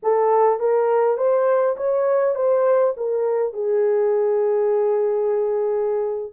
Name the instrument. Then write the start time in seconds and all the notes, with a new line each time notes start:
horn
0.03 A4
0.59 A#4
1.17 C5
1.76 C#5
2.35 C5
2.97 A#4
3.53 G#4